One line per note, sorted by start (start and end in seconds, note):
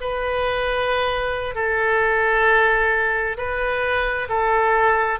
0.00 1.55 B4
1.55 3.36 A4
3.37 4.28 B4
4.29 5.19 A4